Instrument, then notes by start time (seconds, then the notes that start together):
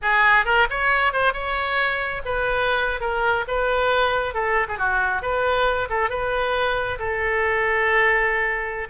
oboe
0.02 G#4
0.45 A#4
0.69 C#5
1.12 C5
1.33 C#5
2.25 B4
3.00 A#4
3.47 B4
4.33 A4
4.68 G#4
4.78 F#4
5.21 B4
5.89 A4
6.09 B4
6.99 A4